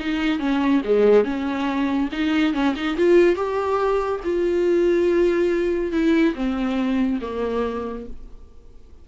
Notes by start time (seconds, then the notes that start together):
0.00 D#4
0.39 C#4
0.85 G#3
1.25 C#4
2.12 D#4
2.54 C#4
2.76 D#4
2.97 F4
3.36 G4
4.24 F4
5.92 E4
6.35 C4
7.21 A#3